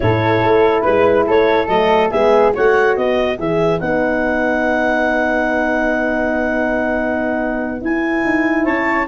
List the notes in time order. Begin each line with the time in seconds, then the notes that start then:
0.00 A2 E4 A4 C#5
0.42 A3
0.81 G#3 B4
1.27 A3 A4 C#5
1.68 F#3 A3 D#5
2.10 G#3 B3 G#4 E5
2.52 A3 F#4 C#5 F#5
2.95 B3 B4 D#5
3.38 E3 G#4 E5
3.80 B3 D#4 F#5
7.81 E4 G#5
8.24 D#4
8.64 C#4 C#5 A5